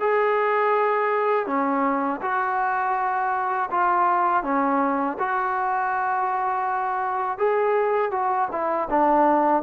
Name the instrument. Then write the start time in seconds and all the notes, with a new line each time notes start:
trombone
0.00 G#4
1.46 C#4
2.22 F#4
3.71 F4
4.43 C#4
5.19 F#4
7.38 G#4
8.11 F#4
8.52 E4
8.90 D4